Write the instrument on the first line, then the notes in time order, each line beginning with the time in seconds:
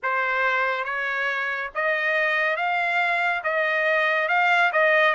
trumpet
0.02 C5
0.84 C#5
1.74 D#5
2.56 F5
3.43 D#5
4.28 F5
4.72 D#5